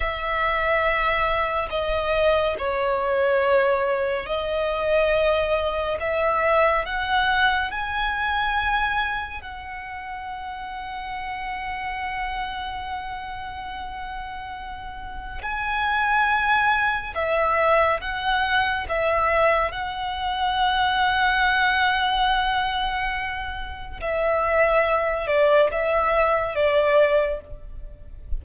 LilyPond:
\new Staff \with { instrumentName = "violin" } { \time 4/4 \tempo 4 = 70 e''2 dis''4 cis''4~ | cis''4 dis''2 e''4 | fis''4 gis''2 fis''4~ | fis''1~ |
fis''2 gis''2 | e''4 fis''4 e''4 fis''4~ | fis''1 | e''4. d''8 e''4 d''4 | }